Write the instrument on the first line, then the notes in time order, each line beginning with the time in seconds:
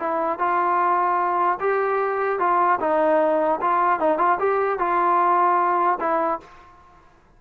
trombone
0.00 E4
0.39 F4
1.60 G4
2.39 F4
2.80 D#4
3.62 F4
4.00 D#4
4.19 F4
4.40 G4
4.79 F4
6.00 E4